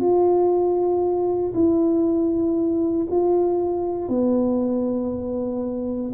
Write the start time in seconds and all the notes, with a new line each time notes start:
0.00 F4
1.54 E4
3.10 F4
4.09 B3